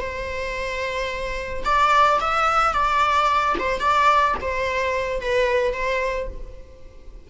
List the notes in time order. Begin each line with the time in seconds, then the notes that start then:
0.00 C5
1.65 D5
2.21 E5
2.73 D5
3.59 C5
3.80 D5
4.41 C5
5.21 B4
5.73 C5